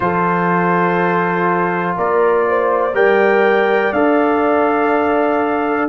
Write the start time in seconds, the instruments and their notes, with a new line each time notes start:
0.00 tuba F3, trombone F4, horn A4, trumpet C5
1.96 tuba A#3, horn A#4, trumpet D5
2.48 horn C5
2.93 tuba G3, trombone A#4, horn D5, trumpet G5
3.92 tuba D4, trombone A4, trumpet F5